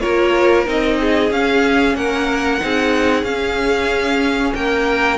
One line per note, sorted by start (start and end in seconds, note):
0.00 0.67 A#3
0.00 0.65 F4
0.00 0.98 A#4
0.00 0.65 C#5
0.65 1.31 C4
0.65 1.30 D#4
0.65 1.32 D#5
1.00 1.96 G#4
1.31 1.94 C#4
1.31 2.60 C#4
1.31 1.96 F5
1.94 2.59 A#3
1.94 2.62 A#4
1.94 3.24 F#5
2.60 3.23 C4
2.60 3.24 D#4
2.60 4.56 G#4
3.23 4.52 C#4
3.23 5.18 C#4
3.23 4.53 F5
4.54 5.18 A#3
4.54 5.18 A#4
4.54 5.18 G5